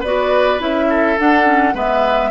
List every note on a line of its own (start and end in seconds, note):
0.00 0.60 B3
0.00 0.59 F#4
0.00 0.86 B4
0.00 0.61 D5
0.59 1.17 C#4
0.59 1.16 E4
0.59 1.19 E5
0.90 1.75 A4
1.19 1.45 D4
1.19 1.74 D4
1.19 1.76 F#5
1.45 1.74 C#4
1.74 2.31 G#3
1.74 2.31 B3
1.74 2.31 B4
1.74 2.31 E5